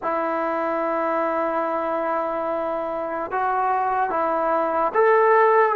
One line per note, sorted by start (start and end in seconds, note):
0.02 3.31 E4
3.31 4.10 F#4
4.10 4.92 E4
4.94 5.75 A4